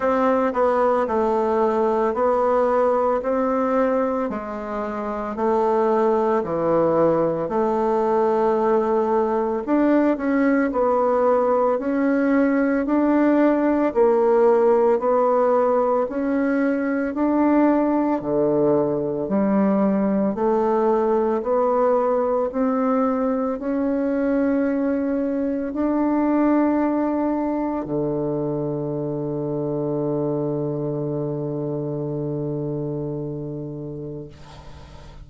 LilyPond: \new Staff \with { instrumentName = "bassoon" } { \time 4/4 \tempo 4 = 56 c'8 b8 a4 b4 c'4 | gis4 a4 e4 a4~ | a4 d'8 cis'8 b4 cis'4 | d'4 ais4 b4 cis'4 |
d'4 d4 g4 a4 | b4 c'4 cis'2 | d'2 d2~ | d1 | }